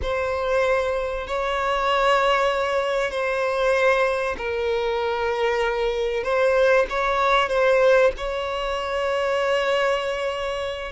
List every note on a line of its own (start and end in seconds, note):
0.02 1.27 C5
1.27 3.11 C#5
3.11 4.36 C5
4.37 6.23 A#4
6.23 6.86 C5
6.89 7.49 C#5
7.49 8.11 C5
8.17 10.92 C#5